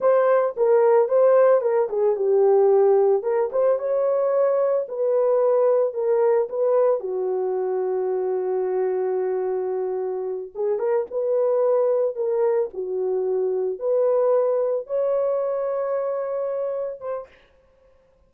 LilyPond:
\new Staff \with { instrumentName = "horn" } { \time 4/4 \tempo 4 = 111 c''4 ais'4 c''4 ais'8 gis'8 | g'2 ais'8 c''8 cis''4~ | cis''4 b'2 ais'4 | b'4 fis'2.~ |
fis'2.~ fis'8 gis'8 | ais'8 b'2 ais'4 fis'8~ | fis'4. b'2 cis''8~ | cis''2.~ cis''8 c''8 | }